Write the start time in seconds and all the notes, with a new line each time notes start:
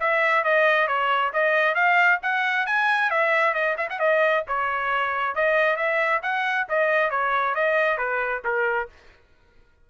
0.00 E5
0.44 D#5
0.87 C#5
1.33 D#5
1.75 F5
2.22 F#5
2.66 G#5
3.10 E5
3.54 D#5
3.77 E5
3.89 F#5
3.99 D#5
4.47 C#5
5.35 D#5
5.76 E5
6.22 F#5
6.69 D#5
7.10 C#5
7.55 D#5
7.97 B4
8.44 A#4